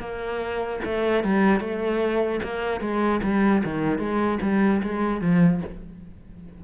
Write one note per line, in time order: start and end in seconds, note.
0.00 0.80 A#3
0.85 1.24 A3
1.24 1.60 G3
1.60 2.40 A3
2.44 2.80 A#3
2.80 3.20 G#3
3.23 3.63 G3
3.64 3.99 D#3
3.99 4.39 G#3
4.42 4.82 G3
4.83 5.21 G#3
5.21 5.61 F3